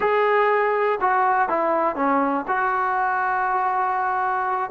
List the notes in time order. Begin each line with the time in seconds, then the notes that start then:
0.00 G#4
1.01 F#4
1.48 E4
1.95 C#4
2.47 F#4